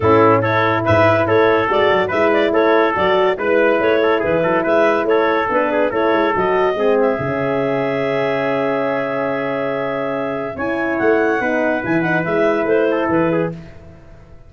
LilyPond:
<<
  \new Staff \with { instrumentName = "clarinet" } { \time 4/4 \tempo 4 = 142 a'4 cis''4 e''4 cis''4 | d''4 e''8 d''8 cis''4 d''4 | b'4 cis''4 b'4 e''4 | cis''4 b'4 cis''4 dis''4~ |
dis''8 e''2.~ e''8~ | e''1~ | e''4 gis''4 fis''2 | gis''8 fis''8 e''4 c''4 b'4 | }
  \new Staff \with { instrumentName = "trumpet" } { \time 4/4 e'4 a'4 b'4 a'4~ | a'4 b'4 a'2 | b'4. a'8 gis'8 a'8 b'4 | a'4. gis'8 a'2 |
gis'1~ | gis'1~ | gis'4 cis''2 b'4~ | b'2~ b'8 a'4 gis'8 | }
  \new Staff \with { instrumentName = "horn" } { \time 4/4 cis'4 e'2. | fis'4 e'2 fis'4 | e'1~ | e'4 d'4 e'4 fis'4 |
c'4 cis'2.~ | cis'1~ | cis'4 e'2 dis'4 | e'8 dis'8 e'2. | }
  \new Staff \with { instrumentName = "tuba" } { \time 4/4 a,2 gis,4 a4 | gis8 fis8 gis4 a4 fis4 | gis4 a4 e8 fis8 gis4 | a4 b4 a8 gis8 fis4 |
gis4 cis2.~ | cis1~ | cis4 cis'4 a4 b4 | e4 gis4 a4 e4 | }
>>